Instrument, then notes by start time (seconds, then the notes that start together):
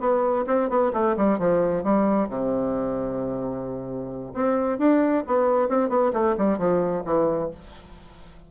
bassoon
0.00 B3
0.47 C4
0.69 B3
0.93 A3
1.17 G3
1.39 F3
1.83 G3
2.29 C3
4.34 C4
4.79 D4
5.27 B3
5.69 C4
5.89 B3
6.13 A3
6.38 G3
6.58 F3
7.06 E3